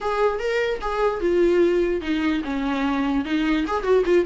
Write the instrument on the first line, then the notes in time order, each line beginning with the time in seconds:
viola
0.01 G#4
0.39 A#4
0.81 G#4
1.20 F4
2.01 D#4
2.43 C#4
3.24 D#4
3.67 G#4
3.83 F#4
4.05 F4